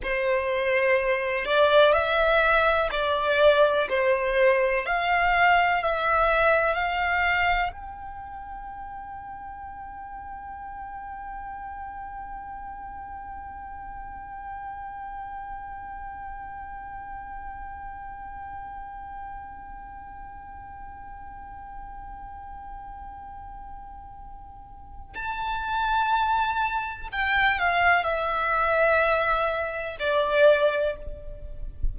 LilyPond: \new Staff \with { instrumentName = "violin" } { \time 4/4 \tempo 4 = 62 c''4. d''8 e''4 d''4 | c''4 f''4 e''4 f''4 | g''1~ | g''1~ |
g''1~ | g''1~ | g''2 a''2 | g''8 f''8 e''2 d''4 | }